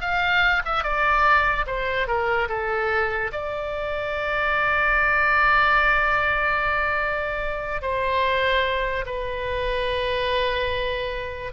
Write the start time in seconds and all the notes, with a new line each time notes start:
0.00 F5
0.65 E5
0.83 D5
1.66 C5
2.07 A#4
2.48 A4
3.32 D5
7.81 C5
9.05 B4